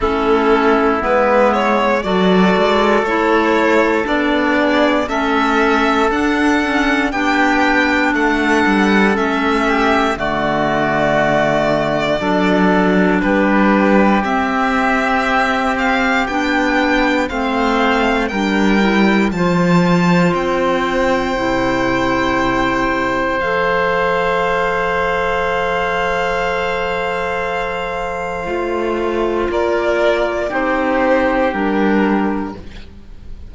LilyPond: <<
  \new Staff \with { instrumentName = "violin" } { \time 4/4 \tempo 4 = 59 a'4 b'8 cis''8 d''4 cis''4 | d''4 e''4 fis''4 g''4 | fis''4 e''4 d''2~ | d''4 b'4 e''4. f''8 |
g''4 f''4 g''4 a''4 | g''2. f''4~ | f''1~ | f''4 d''4 c''4 ais'4 | }
  \new Staff \with { instrumentName = "oboe" } { \time 4/4 e'2 a'2~ | a'8 gis'8 a'2 g'4 | a'4. g'8 fis'2 | a'4 g'2.~ |
g'4 c''4 ais'4 c''4~ | c''1~ | c''1~ | c''4 ais'4 g'2 | }
  \new Staff \with { instrumentName = "clarinet" } { \time 4/4 cis'4 b4 fis'4 e'4 | d'4 cis'4 d'8 cis'8 d'4~ | d'4 cis'4 a2 | d'2 c'2 |
d'4 c'4 d'8 e'8 f'4~ | f'4 e'2 a'4~ | a'1 | f'2 dis'4 d'4 | }
  \new Staff \with { instrumentName = "cello" } { \time 4/4 a4 gis4 fis8 gis8 a4 | b4 a4 d'4 b4 | a8 g8 a4 d2 | fis4 g4 c'2 |
b4 a4 g4 f4 | c'4 c2 f4~ | f1 | a4 ais4 c'4 g4 | }
>>